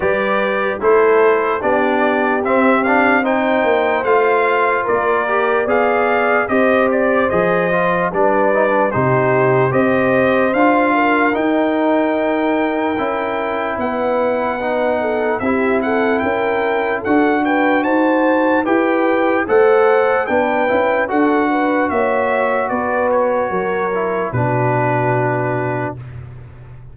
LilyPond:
<<
  \new Staff \with { instrumentName = "trumpet" } { \time 4/4 \tempo 4 = 74 d''4 c''4 d''4 e''8 f''8 | g''4 f''4 d''4 f''4 | dis''8 d''8 dis''4 d''4 c''4 | dis''4 f''4 g''2~ |
g''4 fis''2 e''8 fis''8 | g''4 fis''8 g''8 a''4 g''4 | fis''4 g''4 fis''4 e''4 | d''8 cis''4. b'2 | }
  \new Staff \with { instrumentName = "horn" } { \time 4/4 b'4 a'4 g'2 | c''2 ais'4 d''4 | c''2 b'4 g'4 | c''4. ais'2~ ais'8~ |
ais'4 b'4. a'8 g'8 a'8 | ais'4 a'8 b'8 c''4 b'4 | c''4 b'4 a'8 b'8 cis''4 | b'4 ais'4 fis'2 | }
  \new Staff \with { instrumentName = "trombone" } { \time 4/4 g'4 e'4 d'4 c'8 d'8 | dis'4 f'4. g'8 gis'4 | g'4 gis'8 f'8 d'8 dis'16 d'16 dis'4 | g'4 f'4 dis'2 |
e'2 dis'4 e'4~ | e'4 fis'2 g'4 | a'4 d'8 e'8 fis'2~ | fis'4. e'8 d'2 | }
  \new Staff \with { instrumentName = "tuba" } { \time 4/4 g4 a4 b4 c'4~ | c'8 ais8 a4 ais4 b4 | c'4 f4 g4 c4 | c'4 d'4 dis'2 |
cis'4 b2 c'4 | cis'4 d'4 dis'4 e'4 | a4 b8 cis'8 d'4 ais4 | b4 fis4 b,2 | }
>>